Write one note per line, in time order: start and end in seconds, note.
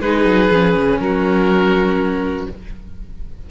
0.00 0.25 G#3
0.00 0.51 D#4
0.00 0.99 G#4
0.00 1.00 B4
0.25 0.49 F#3
0.51 0.76 F3
0.51 2.49 C#4
0.77 0.99 C#3
0.99 2.47 F#3
0.99 2.51 F#4
0.99 2.48 A#4